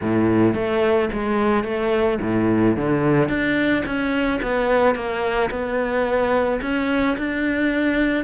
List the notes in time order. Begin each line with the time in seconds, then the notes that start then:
0.01 A2
0.54 A3
1.12 G#3
1.64 A3
2.21 A2
2.76 D3
3.28 D4
3.85 C#4
4.42 B3
4.95 A#3
5.50 B3
6.61 C#4
7.17 D4